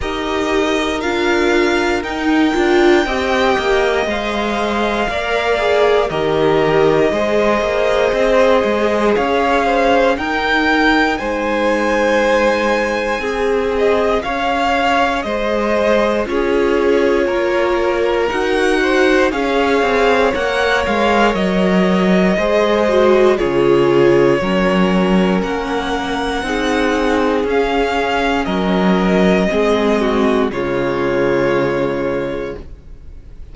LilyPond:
<<
  \new Staff \with { instrumentName = "violin" } { \time 4/4 \tempo 4 = 59 dis''4 f''4 g''2 | f''2 dis''2~ | dis''4 f''4 g''4 gis''4~ | gis''4. dis''8 f''4 dis''4 |
cis''2 fis''4 f''4 | fis''8 f''8 dis''2 cis''4~ | cis''4 fis''2 f''4 | dis''2 cis''2 | }
  \new Staff \with { instrumentName = "violin" } { \time 4/4 ais'2. dis''4~ | dis''4 d''4 ais'4 c''4~ | c''4 cis''8 c''8 ais'4 c''4~ | c''4 gis'4 cis''4 c''4 |
gis'4 ais'4. c''8 cis''4~ | cis''2 c''4 gis'4 | ais'2 gis'2 | ais'4 gis'8 fis'8 f'2 | }
  \new Staff \with { instrumentName = "viola" } { \time 4/4 g'4 f'4 dis'8 f'8 g'4 | c''4 ais'8 gis'8 g'4 gis'4~ | gis'2 dis'2~ | dis'4 gis'2. |
f'2 fis'4 gis'4 | ais'2 gis'8 fis'8 f'4 | cis'2 dis'4 cis'4~ | cis'4 c'4 gis2 | }
  \new Staff \with { instrumentName = "cello" } { \time 4/4 dis'4 d'4 dis'8 d'8 c'8 ais8 | gis4 ais4 dis4 gis8 ais8 | c'8 gis8 cis'4 dis'4 gis4~ | gis4 c'4 cis'4 gis4 |
cis'4 ais4 dis'4 cis'8 c'8 | ais8 gis8 fis4 gis4 cis4 | fis4 ais4 c'4 cis'4 | fis4 gis4 cis2 | }
>>